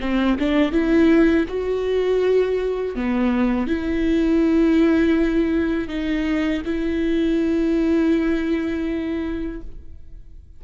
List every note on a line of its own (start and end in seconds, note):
0.00 0.37 C4
0.39 0.72 D4
0.72 1.46 E4
1.48 2.95 F#4
2.95 3.67 B3
3.67 5.88 E4
5.88 6.62 D#4
6.65 9.61 E4